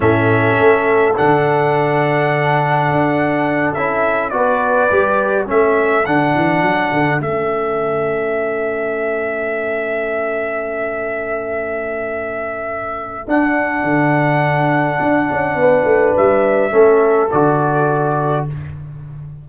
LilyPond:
<<
  \new Staff \with { instrumentName = "trumpet" } { \time 4/4 \tempo 4 = 104 e''2 fis''2~ | fis''2~ fis''8 e''4 d''8~ | d''4. e''4 fis''4.~ | fis''8 e''2.~ e''8~ |
e''1~ | e''2. fis''4~ | fis''1 | e''2 d''2 | }
  \new Staff \with { instrumentName = "horn" } { \time 4/4 a'1~ | a'2.~ a'8 b'8~ | b'4. a'2~ a'8~ | a'1~ |
a'1~ | a'1~ | a'2. b'4~ | b'4 a'2. | }
  \new Staff \with { instrumentName = "trombone" } { \time 4/4 cis'2 d'2~ | d'2~ d'8 e'4 fis'8~ | fis'8 g'4 cis'4 d'4.~ | d'8 cis'2.~ cis'8~ |
cis'1~ | cis'2. d'4~ | d'1~ | d'4 cis'4 fis'2 | }
  \new Staff \with { instrumentName = "tuba" } { \time 4/4 a,4 a4 d2~ | d4 d'4. cis'4 b8~ | b8 g4 a4 d8 e8 fis8 | d8 a2.~ a8~ |
a1~ | a2. d'4 | d2 d'8 cis'8 b8 a8 | g4 a4 d2 | }
>>